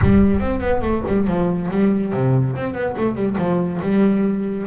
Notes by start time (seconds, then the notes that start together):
0.02 G3
0.40 C4
0.60 B3
0.81 A3
1.07 G3
1.27 F3
1.70 G3
2.12 C3
2.55 C4
2.74 B3
2.97 A3
3.15 G3
3.38 F3
3.81 G3